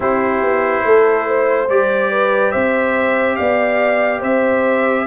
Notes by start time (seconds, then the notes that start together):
0.00 C4 E4 G4 C5
0.42 B3
0.84 A3 A4
1.27 C5
1.69 G3 G4 D5
2.11 B4
2.51 C4 C5 E5
3.36 B3 D5 F5
4.19 C4 C5 E5